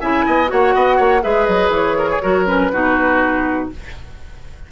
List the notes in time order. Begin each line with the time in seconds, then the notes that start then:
0.00 C#3 E4 E5 G#5
0.26 B3 D#5
0.47 A#3 F#4 C#5 F#5
0.74 B3 D#5
0.96 A#3 C#5
1.22 G#3 G#4 B4 E5
1.45 F#3 D#5
1.69 E3 C#5
1.98 A#4
2.09 G#4
2.22 F#3 F#4 A#4
2.45 C#4 B4
2.72 B2 D#4 F#4